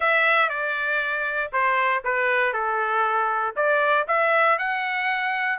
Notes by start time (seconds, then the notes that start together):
0.00 E5
0.49 D5
1.52 C5
2.04 B4
2.53 A4
3.56 D5
4.07 E5
4.58 F#5